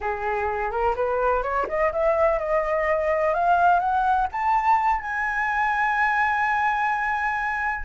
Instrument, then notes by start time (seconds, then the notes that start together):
flute
0.01 G#4
0.71 A#4
0.95 B4
1.42 C#5
1.68 D#5
1.92 E5
2.38 D#5
3.34 F5
3.79 F#5
4.32 A5
5.00 G#5